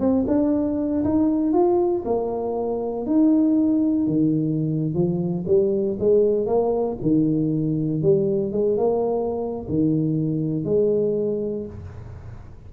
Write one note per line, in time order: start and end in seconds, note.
0.00 0.25 C4
0.28 1.04 D4
1.05 1.53 D#4
1.53 2.04 F4
2.05 3.06 A#3
3.06 4.07 D#4
4.07 4.95 D#3
4.95 5.45 F3
5.47 5.98 G3
6.00 6.47 G#3
6.47 6.98 A#3
7.02 8.02 D#3
8.02 8.52 G3
8.52 8.78 G#3
8.78 9.67 A#3
9.69 10.65 D#3
10.65 11.67 G#3